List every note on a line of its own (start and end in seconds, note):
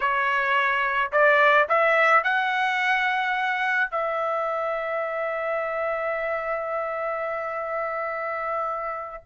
0.00 1.11 C#5
1.12 1.68 D5
1.68 2.23 E5
2.23 3.90 F#5
3.90 9.23 E5